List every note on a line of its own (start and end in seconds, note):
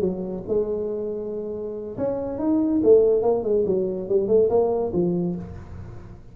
0.00 0.43 F#3
0.48 1.97 G#3
1.97 2.38 C#4
2.38 2.81 D#4
2.83 3.22 A3
3.22 3.43 A#3
3.43 3.64 G#3
3.66 4.08 F#3
4.08 4.27 G3
4.27 4.49 A3
4.49 4.92 A#3
4.93 5.35 F3